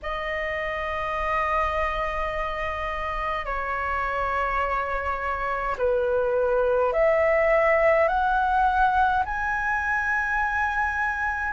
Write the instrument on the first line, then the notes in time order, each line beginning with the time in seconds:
flute
0.02 D#5
3.45 C#5
5.77 B4
6.92 E5
8.08 F#5
9.25 G#5